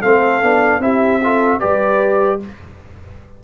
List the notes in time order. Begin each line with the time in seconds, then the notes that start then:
0.00 A3 C4 A4 F5
0.42 B3 D4
0.80 C4 E4 G4 E5
1.23 F4 A4
1.60 G3 G4 B4 D5